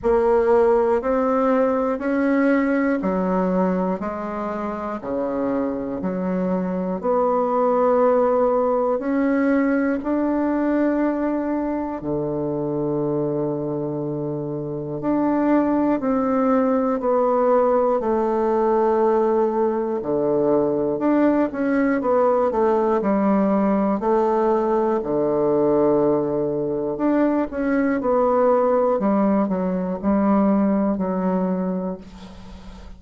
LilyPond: \new Staff \with { instrumentName = "bassoon" } { \time 4/4 \tempo 4 = 60 ais4 c'4 cis'4 fis4 | gis4 cis4 fis4 b4~ | b4 cis'4 d'2 | d2. d'4 |
c'4 b4 a2 | d4 d'8 cis'8 b8 a8 g4 | a4 d2 d'8 cis'8 | b4 g8 fis8 g4 fis4 | }